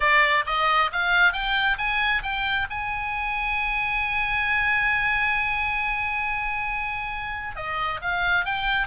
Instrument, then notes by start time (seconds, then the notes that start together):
oboe
0.00 D5
0.46 D#5
0.92 F5
1.33 G5
1.77 G#5
2.22 G5
2.70 G#5
7.56 D#5
8.01 F5
8.45 G5